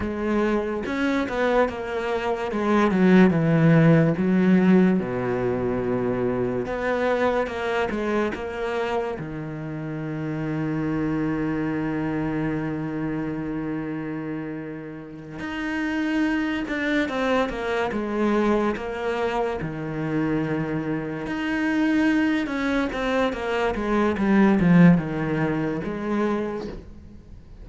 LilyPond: \new Staff \with { instrumentName = "cello" } { \time 4/4 \tempo 4 = 72 gis4 cis'8 b8 ais4 gis8 fis8 | e4 fis4 b,2 | b4 ais8 gis8 ais4 dis4~ | dis1~ |
dis2~ dis8 dis'4. | d'8 c'8 ais8 gis4 ais4 dis8~ | dis4. dis'4. cis'8 c'8 | ais8 gis8 g8 f8 dis4 gis4 | }